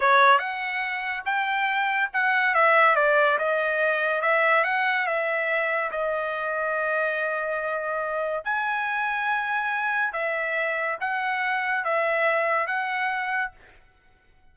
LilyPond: \new Staff \with { instrumentName = "trumpet" } { \time 4/4 \tempo 4 = 142 cis''4 fis''2 g''4~ | g''4 fis''4 e''4 d''4 | dis''2 e''4 fis''4 | e''2 dis''2~ |
dis''1 | gis''1 | e''2 fis''2 | e''2 fis''2 | }